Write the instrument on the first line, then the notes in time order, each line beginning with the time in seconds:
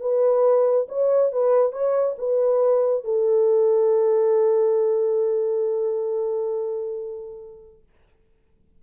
horn
0.00 B4
0.89 C#5
1.32 B4
1.72 C#5
2.18 B4
3.04 A4